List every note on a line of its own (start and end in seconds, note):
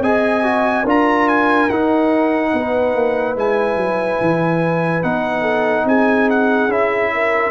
0.00 0.83 C4
0.00 0.43 G#4
0.00 0.83 D#5
0.00 0.86 G#5
0.43 0.85 F#4
0.83 1.68 D4
0.83 1.70 F4
0.83 2.50 A#4
0.83 1.28 A#5
1.28 1.69 G#5
1.69 2.53 D#4
1.69 3.36 D#4
1.69 3.36 F#5
2.53 2.95 B3
2.53 5.41 B4
2.95 3.36 A#3
3.36 3.76 G#3
3.36 5.03 E4
3.36 5.03 G#5
3.76 4.18 F#3
4.21 5.03 E3
5.03 5.85 B3
5.03 6.69 D#4
5.03 5.86 F#5
5.41 5.83 A4
5.85 6.68 C4
5.85 7.12 G#4
5.85 6.29 G#5
6.30 6.71 F#5
6.68 7.51 C#4
6.68 7.51 E4
6.68 7.51 E5
7.14 7.51 A#4